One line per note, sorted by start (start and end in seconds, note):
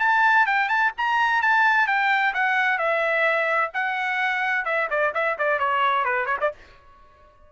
0.00 0.47 A5
0.47 0.69 G5
0.69 0.92 A5
0.98 1.42 A#5
1.42 1.87 A5
1.87 2.34 G5
2.34 2.79 F#5
2.79 3.72 E5
3.74 4.65 F#5
4.65 4.89 E5
4.90 5.14 D5
5.15 5.38 E5
5.39 5.60 D5
5.60 6.05 C#5
6.05 6.26 B4
6.26 6.38 C#5
6.41 6.53 D5